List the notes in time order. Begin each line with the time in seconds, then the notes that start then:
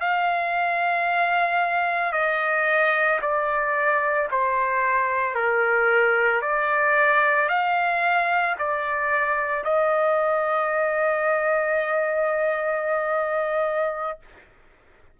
0.00 F5
2.13 D#5
3.22 D5
4.31 C5
5.35 A#4
6.42 D5
7.49 F5
8.59 D5
9.64 D#5